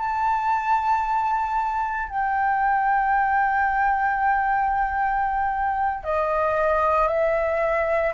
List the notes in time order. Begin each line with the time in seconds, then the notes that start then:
0.00 A5
2.09 G5
6.04 D#5
7.08 E5